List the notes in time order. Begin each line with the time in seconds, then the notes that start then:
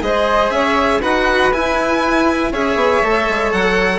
0.00 G#3 G#4 C5 D#5
0.50 C#4 C#5 E5
1.01 D#4 F#4 B4 F#5
1.52 E4 G#5
2.51 C#4 G#4 C#5 E5
2.75 B3
3.02 A3 A4
3.28 G#3
3.52 F#3 F#5